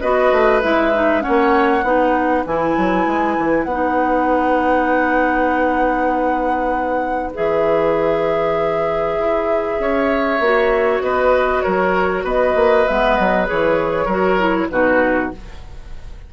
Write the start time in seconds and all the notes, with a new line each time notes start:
0.00 B3 F#4 B4 D#5
0.32 A3
0.62 G#3 E4 E5
0.93 D#4
1.20 C#4 C#5 F#5
1.28 A#3
1.83 B3 D#4 B4
2.46 E3 E4 G#5
2.77 F#3
3.06 G#3
3.38 E3
3.63 B3 F#5
3.71 D#4
7.34 E3 G#4 E5
9.19 E4
9.79 C#4 C#5
10.40 A#3 F#4
11.01 B3 B4 D#5
11.61 F#3 A#4 C#5
12.24 B3 B4 D#5
12.55 A#3
12.87 G#3 B3 E5
13.16 F#3 D#5
13.45 E3 G#4 C#5
14.05 F#3 F#4 A#4
14.39 E4
14.69 B2 D#4 F#4 B4